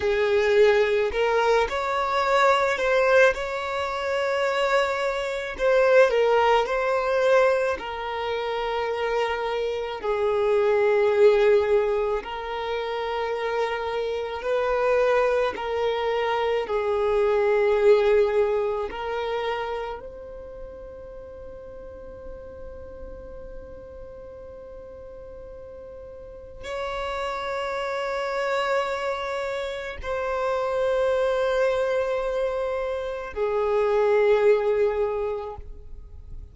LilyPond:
\new Staff \with { instrumentName = "violin" } { \time 4/4 \tempo 4 = 54 gis'4 ais'8 cis''4 c''8 cis''4~ | cis''4 c''8 ais'8 c''4 ais'4~ | ais'4 gis'2 ais'4~ | ais'4 b'4 ais'4 gis'4~ |
gis'4 ais'4 c''2~ | c''1 | cis''2. c''4~ | c''2 gis'2 | }